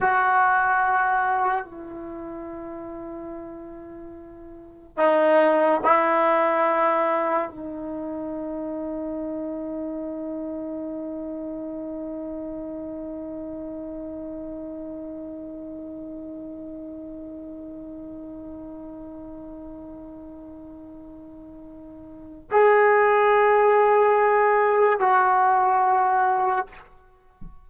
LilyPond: \new Staff \with { instrumentName = "trombone" } { \time 4/4 \tempo 4 = 72 fis'2 e'2~ | e'2 dis'4 e'4~ | e'4 dis'2.~ | dis'1~ |
dis'1~ | dis'1~ | dis'2. gis'4~ | gis'2 fis'2 | }